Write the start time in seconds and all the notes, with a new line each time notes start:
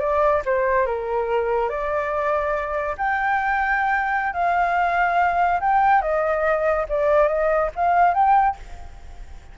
0.00 D5
0.46 C5
0.87 A#4
1.69 D5
2.98 G5
4.33 F5
5.61 G5
6.02 D#5
6.89 D5
7.28 D#5
7.76 F5
8.15 G5